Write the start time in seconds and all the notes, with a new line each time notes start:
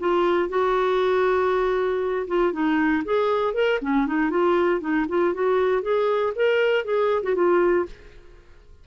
0.00 F4
0.49 F#4
2.28 F4
2.53 D#4
3.05 G#4
3.54 A#4
3.82 C#4
4.07 D#4
4.31 F4
4.81 D#4
5.09 F4
5.34 F#4
5.82 G#4
6.36 A#4
6.85 G#4
7.23 F#4
7.35 F4